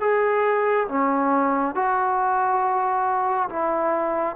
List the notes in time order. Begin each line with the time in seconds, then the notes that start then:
0.00 G#4
0.88 C#4
1.75 F#4
3.49 E4